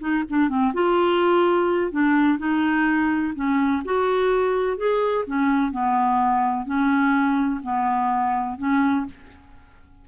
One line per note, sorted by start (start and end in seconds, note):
0.00 0.24 D#4
0.30 0.49 D4
0.49 0.73 C4
0.74 1.92 F4
1.92 2.39 D4
2.39 3.34 D#4
3.35 3.83 C#4
3.85 4.77 F#4
4.77 5.25 G#4
5.27 5.72 C#4
5.72 6.66 B3
6.66 7.61 C#4
7.63 8.58 B3
8.58 9.06 C#4